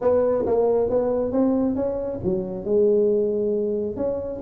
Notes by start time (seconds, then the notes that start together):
0.01 B3
0.46 A#3
0.89 B3
1.32 C4
1.75 C#4
2.23 F#3
2.64 G#3
3.96 C#4